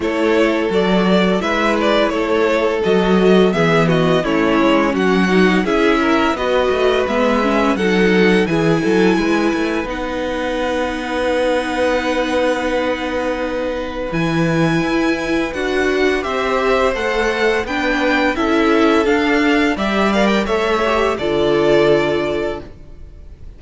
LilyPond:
<<
  \new Staff \with { instrumentName = "violin" } { \time 4/4 \tempo 4 = 85 cis''4 d''4 e''8 d''8 cis''4 | dis''4 e''8 dis''8 cis''4 fis''4 | e''4 dis''4 e''4 fis''4 | gis''2 fis''2~ |
fis''1 | gis''2 fis''4 e''4 | fis''4 g''4 e''4 f''4 | e''8 f''16 g''16 e''4 d''2 | }
  \new Staff \with { instrumentName = "violin" } { \time 4/4 a'2 b'4 a'4~ | a'4 gis'8 fis'8 e'4 fis'4 | gis'8 ais'8 b'2 a'4 | gis'8 a'8 b'2.~ |
b'1~ | b'2. c''4~ | c''4 b'4 a'2 | d''4 cis''4 a'2 | }
  \new Staff \with { instrumentName = "viola" } { \time 4/4 e'4 fis'4 e'2 | fis'4 b4 cis'4. dis'8 | e'4 fis'4 b8 cis'8 dis'4 | e'2 dis'2~ |
dis'1 | e'2 fis'4 g'4 | a'4 d'4 e'4 d'4 | g'8 ais'8 a'8 g'8 f'2 | }
  \new Staff \with { instrumentName = "cello" } { \time 4/4 a4 fis4 gis4 a4 | fis4 e4 a8 gis8 fis4 | cis'4 b8 a8 gis4 fis4 | e8 fis8 gis8 a8 b2~ |
b1 | e4 e'4 d'4 c'4 | a4 b4 cis'4 d'4 | g4 a4 d2 | }
>>